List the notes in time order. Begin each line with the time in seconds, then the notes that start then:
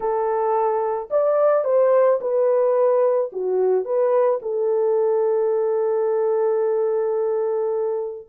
0.00 A4
1.10 D5
1.64 C5
2.20 B4
3.32 F#4
3.84 B4
4.42 A4